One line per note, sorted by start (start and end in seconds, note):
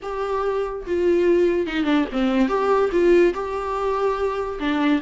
0.02 0.85 G4
0.86 1.66 F4
1.66 1.84 D#4
1.84 2.05 D4
2.12 2.48 C4
2.48 2.90 G4
2.92 3.33 F4
3.33 4.58 G4
4.59 5.01 D4